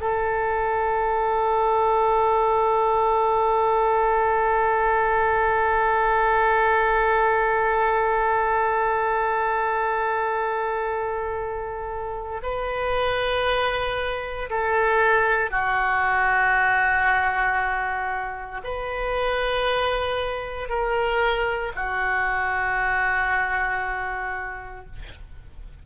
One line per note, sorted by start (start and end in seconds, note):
0.00 12.41 A4
12.42 14.49 B4
14.50 15.51 A4
15.51 18.61 F#4
18.63 20.69 B4
20.69 21.72 A#4
21.75 24.86 F#4